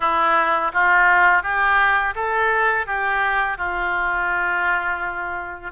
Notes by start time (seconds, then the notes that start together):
0.00 E4
0.73 F4
1.43 G4
2.15 A4
2.86 G4
3.57 F4